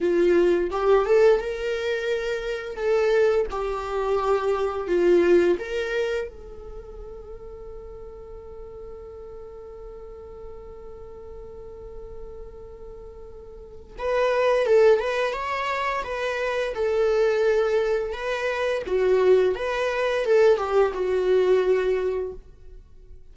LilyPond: \new Staff \with { instrumentName = "viola" } { \time 4/4 \tempo 4 = 86 f'4 g'8 a'8 ais'2 | a'4 g'2 f'4 | ais'4 a'2.~ | a'1~ |
a'1 | b'4 a'8 b'8 cis''4 b'4 | a'2 b'4 fis'4 | b'4 a'8 g'8 fis'2 | }